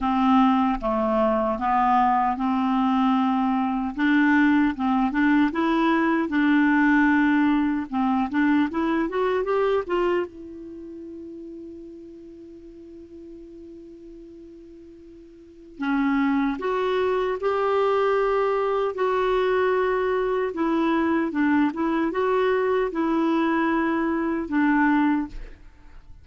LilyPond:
\new Staff \with { instrumentName = "clarinet" } { \time 4/4 \tempo 4 = 76 c'4 a4 b4 c'4~ | c'4 d'4 c'8 d'8 e'4 | d'2 c'8 d'8 e'8 fis'8 | g'8 f'8 e'2.~ |
e'1 | cis'4 fis'4 g'2 | fis'2 e'4 d'8 e'8 | fis'4 e'2 d'4 | }